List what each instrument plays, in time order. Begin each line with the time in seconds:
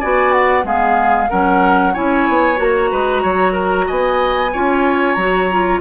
0.00 bassoon B3, clarinet F#4, oboe D5, flute G#5
0.32 flute F#5
0.63 bassoon G#3, clarinet B3, oboe G#4, flute F5
1.30 bassoon F#3, clarinet C#4, oboe A#4, flute F#5
1.93 bassoon C#4, clarinet E4, oboe C#5, flute G#5
2.29 bassoon B3
2.56 bassoon A#3, clarinet F#4, flute A#5
2.91 bassoon G#3, oboe B4
3.23 bassoon F#3, oboe C#5
3.53 oboe A#4
3.87 bassoon B3, oboe D#5, flute G#5
4.52 bassoon C#4, clarinet F4, oboe C#5
5.14 bassoon F#3, clarinet F#4, flute A#5
5.51 clarinet F4